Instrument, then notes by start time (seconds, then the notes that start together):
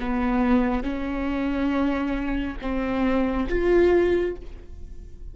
viola
0.00 B3
0.83 C#4
2.61 C4
3.49 F4